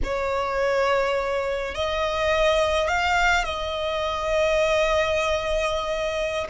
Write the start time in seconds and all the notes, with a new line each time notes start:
0.03 C#5
1.74 D#5
2.87 F5
3.44 D#5